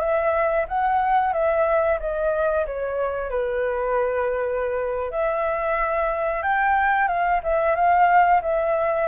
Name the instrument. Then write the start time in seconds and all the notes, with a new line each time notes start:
flute
0.00 E5
0.68 F#5
1.33 E5
2.00 D#5
2.66 C#5
3.30 B4
5.11 E5
6.42 G5
7.08 F5
7.43 E5
7.75 F5
8.42 E5